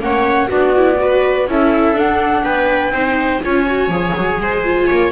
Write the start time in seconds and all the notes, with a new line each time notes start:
0.00 A#3 C#4 C#5 F#5
0.48 B3 D4 F#4 D5
0.77 E4
0.98 F#4 B4
1.48 C#4 E4 A4 E5
1.94 D4 F#5
2.43 B3 B4 G5
2.91 C4 D#4 C5
3.43 C#4 F4 C#5 G#5
3.67 F#4
3.89 F3 G#4
4.16 F#3
4.41 G#3 C5
4.64 F4
4.88 A#3 C#5